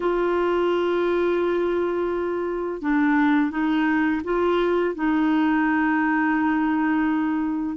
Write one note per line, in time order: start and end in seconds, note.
0.00 2.81 F4
2.81 3.50 D4
3.50 4.21 D#4
4.24 4.94 F4
4.94 7.76 D#4